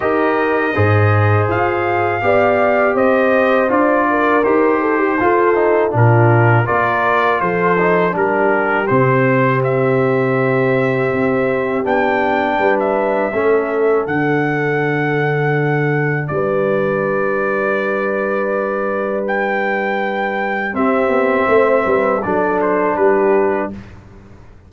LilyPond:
<<
  \new Staff \with { instrumentName = "trumpet" } { \time 4/4 \tempo 4 = 81 dis''2 f''2 | dis''4 d''4 c''2 | ais'4 d''4 c''4 ais'4 | c''4 e''2. |
g''4~ g''16 e''4.~ e''16 fis''4~ | fis''2 d''2~ | d''2 g''2 | e''2 d''8 c''8 b'4 | }
  \new Staff \with { instrumentName = "horn" } { \time 4/4 ais'4 c''2 d''4 | c''4. ais'4 a'16 g'16 a'4 | f'4 ais'4 a'4 g'4~ | g'1~ |
g'4 b'4 a'2~ | a'2 b'2~ | b'1 | g'4 c''8 b'8 a'4 g'4 | }
  \new Staff \with { instrumentName = "trombone" } { \time 4/4 g'4 gis'2 g'4~ | g'4 f'4 g'4 f'8 dis'8 | d'4 f'4. dis'8 d'4 | c'1 |
d'2 cis'4 d'4~ | d'1~ | d'1 | c'2 d'2 | }
  \new Staff \with { instrumentName = "tuba" } { \time 4/4 dis'4 gis,4 f'4 b4 | c'4 d'4 dis'4 f'4 | ais,4 ais4 f4 g4 | c2. c'4 |
b4 g4 a4 d4~ | d2 g2~ | g1 | c'8 b8 a8 g8 fis4 g4 | }
>>